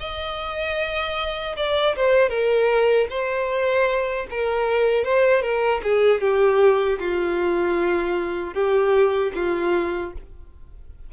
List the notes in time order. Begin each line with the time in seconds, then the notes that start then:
0.00 D#5
1.57 D5
1.96 C5
2.29 A#4
3.10 C5
4.30 A#4
5.05 C5
5.42 A#4
5.83 G#4
6.21 G4
6.99 F4
8.54 G4
9.35 F4